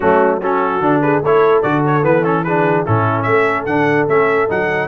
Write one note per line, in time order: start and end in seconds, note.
0.00 0.80 F#3
0.00 0.41 A3
0.00 0.40 C#4
0.00 0.40 F#4
0.42 0.81 C#4
0.42 1.02 F#4
0.42 1.01 A4
0.80 1.21 D3
0.80 1.22 D4
1.01 1.22 G#4
1.01 1.22 B4
1.21 1.62 A3
1.21 1.63 E4
1.21 2.44 A4
1.21 1.62 C#5
1.62 2.03 D3
1.62 2.02 F#4
1.62 1.82 D5
1.86 2.04 C#5
2.02 2.84 E3
2.02 2.22 B3
2.02 2.24 B4
2.24 2.44 C#4
2.24 2.44 A4
2.44 2.86 D4
2.44 2.85 G#4
2.44 2.84 B4
2.85 3.26 A2
2.85 3.67 C#4
2.85 3.26 E4
2.85 3.22 A4
3.22 3.66 A3
3.22 4.88 A4
3.22 3.63 E5
3.65 4.07 D3
3.65 4.08 D4
3.65 4.06 F#5
4.08 4.49 A3
4.08 4.48 C#4
4.08 4.49 E5
4.48 4.88 F#3
4.48 4.88 D#4
4.48 4.88 F#5